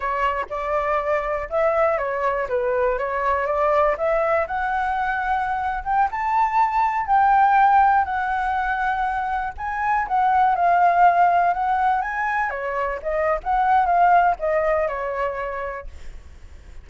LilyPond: \new Staff \with { instrumentName = "flute" } { \time 4/4 \tempo 4 = 121 cis''4 d''2 e''4 | cis''4 b'4 cis''4 d''4 | e''4 fis''2~ fis''8. g''16~ | g''16 a''2 g''4.~ g''16~ |
g''16 fis''2. gis''8.~ | gis''16 fis''4 f''2 fis''8.~ | fis''16 gis''4 cis''4 dis''8. fis''4 | f''4 dis''4 cis''2 | }